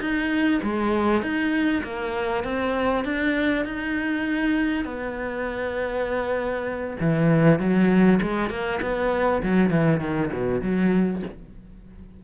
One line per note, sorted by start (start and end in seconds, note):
0.00 0.61 D#4
0.63 1.22 G#3
1.22 1.83 D#4
1.83 2.44 A#3
2.44 3.05 C4
3.05 3.65 D4
3.65 4.85 D#4
4.85 6.97 B3
7.00 7.59 E3
7.59 8.20 F#3
8.22 8.50 G#3
8.50 8.80 A#3
8.82 9.42 B3
9.43 9.70 F#3
9.70 10.00 E3
10.00 10.31 D#3
10.33 10.62 B2
10.62 11.22 F#3